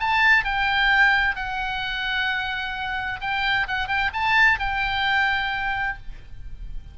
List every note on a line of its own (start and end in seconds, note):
0.00 0.44 A5
0.44 1.36 G5
1.36 3.20 F#5
3.21 3.67 G5
3.68 3.88 F#5
3.88 4.11 G5
4.13 4.59 A5
4.59 5.98 G5